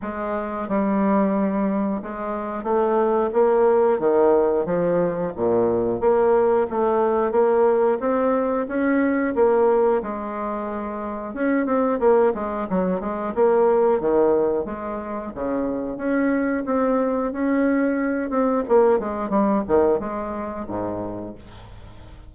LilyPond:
\new Staff \with { instrumentName = "bassoon" } { \time 4/4 \tempo 4 = 90 gis4 g2 gis4 | a4 ais4 dis4 f4 | ais,4 ais4 a4 ais4 | c'4 cis'4 ais4 gis4~ |
gis4 cis'8 c'8 ais8 gis8 fis8 gis8 | ais4 dis4 gis4 cis4 | cis'4 c'4 cis'4. c'8 | ais8 gis8 g8 dis8 gis4 gis,4 | }